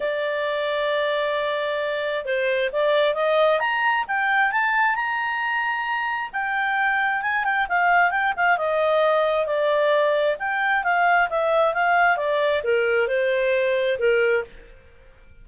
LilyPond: \new Staff \with { instrumentName = "clarinet" } { \time 4/4 \tempo 4 = 133 d''1~ | d''4 c''4 d''4 dis''4 | ais''4 g''4 a''4 ais''4~ | ais''2 g''2 |
gis''8 g''8 f''4 g''8 f''8 dis''4~ | dis''4 d''2 g''4 | f''4 e''4 f''4 d''4 | ais'4 c''2 ais'4 | }